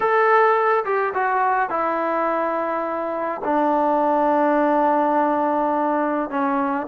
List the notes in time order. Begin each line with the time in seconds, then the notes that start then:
0.00 A4
0.84 G4
1.14 F#4
1.69 E4
3.44 D4
6.29 C#4